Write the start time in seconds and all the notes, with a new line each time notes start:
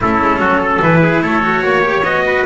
0.01 A3 C#4 E4 A4
0.20 G#3
0.39 F#3 F#4
0.58 A4
0.81 E3 E4 B4
1.02 G#4
1.21 A3 A4 C#5
1.42 F#4
1.63 A#3 C#5
1.82 G4
2.03 B3 F#4 D#5
2.26 B4